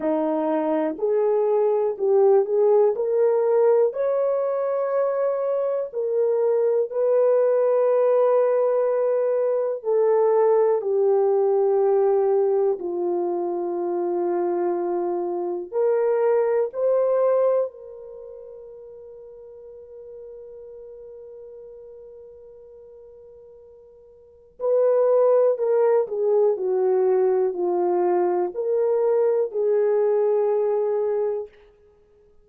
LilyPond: \new Staff \with { instrumentName = "horn" } { \time 4/4 \tempo 4 = 61 dis'4 gis'4 g'8 gis'8 ais'4 | cis''2 ais'4 b'4~ | b'2 a'4 g'4~ | g'4 f'2. |
ais'4 c''4 ais'2~ | ais'1~ | ais'4 b'4 ais'8 gis'8 fis'4 | f'4 ais'4 gis'2 | }